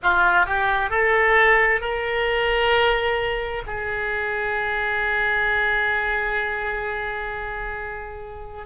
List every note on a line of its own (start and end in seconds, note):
0.02 0.45 F4
0.45 0.90 G4
0.90 1.81 A4
1.81 3.62 A#4
3.66 8.66 G#4